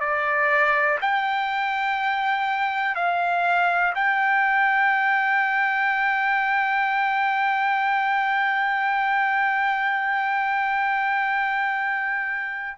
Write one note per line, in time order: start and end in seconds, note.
0.00 0.98 D5
1.01 2.95 G5
2.95 3.93 F5
3.95 12.78 G5